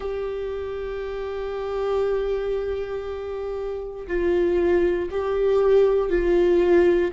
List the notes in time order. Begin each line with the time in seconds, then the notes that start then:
0.00 G4
4.07 F4
5.11 G4
6.09 F4